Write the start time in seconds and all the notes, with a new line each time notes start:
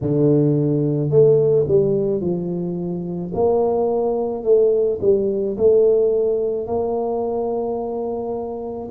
0.01 D3
1.10 A3
1.67 G3
2.20 F3
3.34 A#3
4.43 A3
5.01 G3
5.57 A3
6.66 A#3